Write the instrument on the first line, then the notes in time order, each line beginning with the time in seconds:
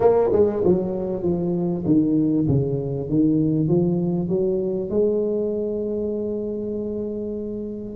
tuba
0.00 A#3
0.32 G#3
0.64 F#3
1.22 F3
1.85 D#3
2.48 C#3
3.09 D#3
3.68 F3
4.29 F#3
4.90 G#3